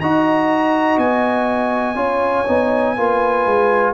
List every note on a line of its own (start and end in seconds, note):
0.00 0.97 D#4
0.00 1.95 F#4
0.00 1.97 D#5
0.00 0.98 A#5
0.97 1.95 B3
0.97 3.94 G#5
1.95 2.45 C#4
1.95 2.44 F4
1.95 2.95 C#5
2.47 2.97 B3
2.47 2.96 D#4
2.97 3.46 A#3
2.97 3.94 F4
2.97 3.94 B4
3.46 3.94 G#3